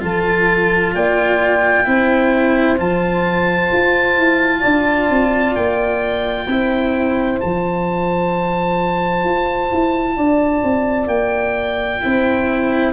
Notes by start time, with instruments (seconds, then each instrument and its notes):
0.00 tuba F3, cello F4, horn A4, oboe A5
0.95 tuba A#3, horn D5, oboe G5
1.85 tuba C4, cello E4, horn C5
2.78 tuba F3, cello F4, oboe A5
3.73 tuba F4
4.17 tuba E4
4.61 tuba D4, horn D5
5.10 tuba C4
5.56 tuba A#3, oboe G5
6.47 tuba C4, cello E4, horn C5
7.41 tuba F3, cello F4, oboe A5
9.25 tuba F4
9.72 tuba E4
10.17 tuba D4, horn D5
10.64 tuba C4
11.07 tuba A#3, oboe G5
12.02 tuba C4, cello E4, horn C5